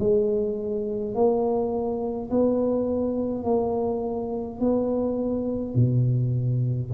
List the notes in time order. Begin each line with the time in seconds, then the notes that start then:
0.00 G#3
1.15 A#3
2.30 B3
3.45 A#3
4.60 B3
5.75 B2